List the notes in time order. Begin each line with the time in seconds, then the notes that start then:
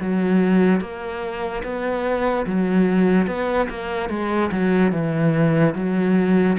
0.00 F#3
0.81 A#3
1.64 B3
2.46 F#3
3.27 B3
3.69 A#3
4.09 G#3
4.51 F#3
4.92 E3
5.75 F#3